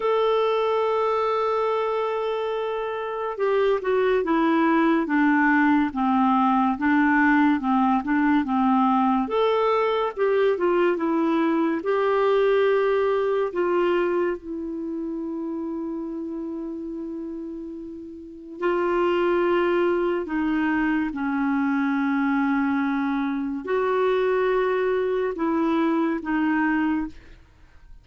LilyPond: \new Staff \with { instrumentName = "clarinet" } { \time 4/4 \tempo 4 = 71 a'1 | g'8 fis'8 e'4 d'4 c'4 | d'4 c'8 d'8 c'4 a'4 | g'8 f'8 e'4 g'2 |
f'4 e'2.~ | e'2 f'2 | dis'4 cis'2. | fis'2 e'4 dis'4 | }